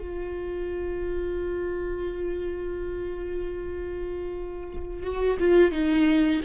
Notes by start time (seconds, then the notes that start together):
0.00 F4
5.03 F#4
5.40 F4
5.72 D#4